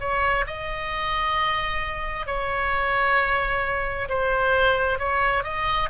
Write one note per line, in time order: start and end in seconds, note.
0.00 0.45 C#5
0.47 2.27 D#5
2.27 4.09 C#5
4.09 4.99 C5
4.99 5.44 C#5
5.44 5.89 D#5